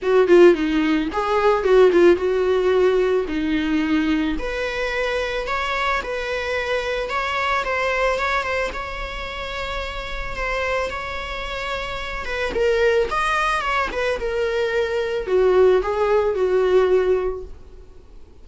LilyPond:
\new Staff \with { instrumentName = "viola" } { \time 4/4 \tempo 4 = 110 fis'8 f'8 dis'4 gis'4 fis'8 f'8 | fis'2 dis'2 | b'2 cis''4 b'4~ | b'4 cis''4 c''4 cis''8 c''8 |
cis''2. c''4 | cis''2~ cis''8 b'8 ais'4 | dis''4 cis''8 b'8 ais'2 | fis'4 gis'4 fis'2 | }